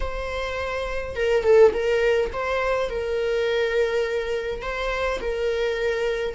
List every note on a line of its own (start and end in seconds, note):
0.00 1.15 C5
1.15 1.43 A#4
1.43 1.72 A4
1.73 2.31 A#4
2.32 2.89 C5
2.89 4.62 A#4
4.62 5.19 C5
5.20 6.34 A#4